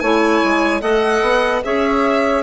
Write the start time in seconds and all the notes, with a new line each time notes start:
0.00 A3 E4 C#5 G#5
0.44 G#3
0.81 A3 A4 D#5 F#5
1.22 B3
1.64 C#4 G#4 C#5 E5